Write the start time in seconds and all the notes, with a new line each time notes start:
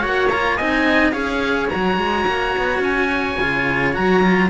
0.00 A#3 F#4 C#5 F#5
0.29 F4 A#5
0.57 C4 D#4 D#5 G#5
1.12 C#4 G#4 C#5 F5
1.70 F#3 F#4 A#5
1.97 G#3
2.27 A#3
2.58 B3
2.80 C#4 G#5
3.41 C#3 F4
3.94 F#3 F#4 A#5
4.22 F4